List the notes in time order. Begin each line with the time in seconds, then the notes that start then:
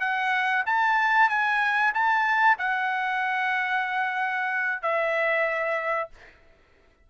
0.00 F#5
0.66 A5
1.29 G#5
1.94 A5
2.58 F#5
4.82 E5